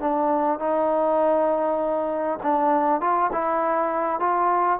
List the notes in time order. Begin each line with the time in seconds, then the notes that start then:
0.00 D4
0.59 D#4
2.43 D4
3.01 F4
3.32 E4
4.19 F4